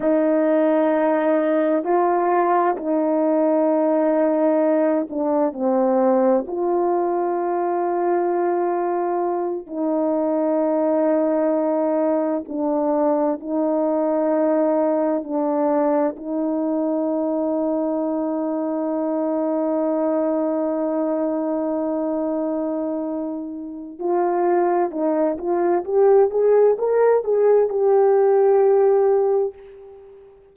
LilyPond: \new Staff \with { instrumentName = "horn" } { \time 4/4 \tempo 4 = 65 dis'2 f'4 dis'4~ | dis'4. d'8 c'4 f'4~ | f'2~ f'8 dis'4.~ | dis'4. d'4 dis'4.~ |
dis'8 d'4 dis'2~ dis'8~ | dis'1~ | dis'2 f'4 dis'8 f'8 | g'8 gis'8 ais'8 gis'8 g'2 | }